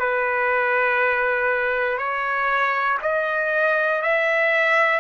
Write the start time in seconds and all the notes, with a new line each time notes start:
0.00 B4
1.98 C#5
3.02 D#5
4.02 E5